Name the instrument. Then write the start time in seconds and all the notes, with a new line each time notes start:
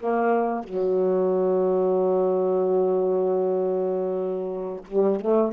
saxophone
0.00 A#3
0.64 F#3
4.87 G3
5.21 A3